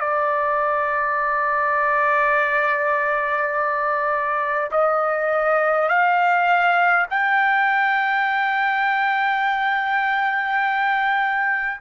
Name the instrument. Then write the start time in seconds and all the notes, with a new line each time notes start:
trumpet
0.00 D5
4.71 D#5
5.89 F5
7.10 G5